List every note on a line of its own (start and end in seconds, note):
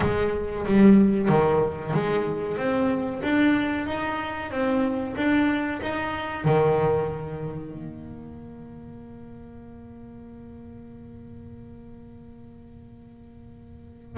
0.00 0.65 G#3
0.65 1.28 G3
1.28 1.93 D#3
1.93 2.57 G#3
2.57 3.21 C4
3.23 3.86 D4
3.86 4.50 D#4
4.50 5.15 C4
5.16 5.80 D4
5.81 6.44 D#4
6.44 7.72 D#3
7.72 14.17 A#3